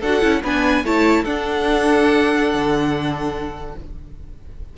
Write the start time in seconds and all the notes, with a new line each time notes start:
0.00 D4 F#4 A4 F#5
0.21 C#4 E4
0.43 B3 D4 B4 G#5
0.84 A3 E4 C#5 A5
1.23 D4 A4 F#5
2.54 D3